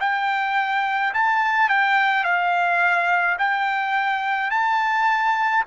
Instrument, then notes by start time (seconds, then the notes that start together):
trumpet
0.00 G5
1.14 A5
1.69 G5
2.24 F5
3.39 G5
4.51 A5